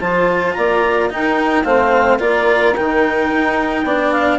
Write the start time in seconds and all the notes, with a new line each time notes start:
0.00 F3 F4 C5 A5
0.53 A#3 D5 A#5
1.10 D#4 A#4 G5
1.64 A3 C4 C5 F5
2.18 A#3 F4 A#4 D5
2.75 D#3 D#4 G5
3.30 D#4
3.84 B3 D4 D5
4.12 F5